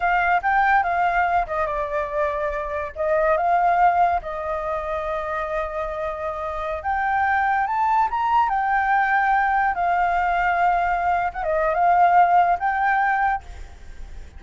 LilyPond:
\new Staff \with { instrumentName = "flute" } { \time 4/4 \tempo 4 = 143 f''4 g''4 f''4. dis''8 | d''2. dis''4 | f''2 dis''2~ | dis''1~ |
dis''16 g''2 a''4 ais''8.~ | ais''16 g''2. f''8.~ | f''2. fis''16 dis''8. | f''2 g''2 | }